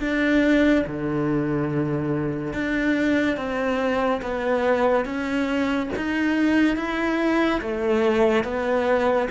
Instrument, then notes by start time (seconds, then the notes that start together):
cello
0.00 D4
0.87 D3
2.54 D4
3.36 C4
4.22 B3
5.05 C#4
5.96 D#4
6.76 E4
7.61 A3
8.44 B3